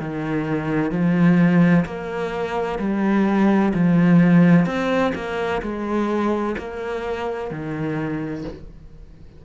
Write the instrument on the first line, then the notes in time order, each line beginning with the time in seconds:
cello
0.00 D#3
0.91 F3
1.85 A#3
2.79 G3
3.74 F3
4.66 C4
5.15 A#3
5.62 G#3
6.58 A#3
7.51 D#3